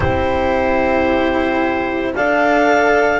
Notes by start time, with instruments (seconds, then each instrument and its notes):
0.00 double bass C4, cello E4, horn G4, clarinet C5
2.15 double bass D4, cello A4, horn D5, clarinet F5